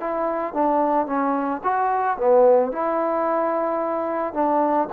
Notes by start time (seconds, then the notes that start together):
0.00 E4
0.54 D4
1.07 C#4
1.64 F#4
2.17 B3
2.72 E4
4.34 D4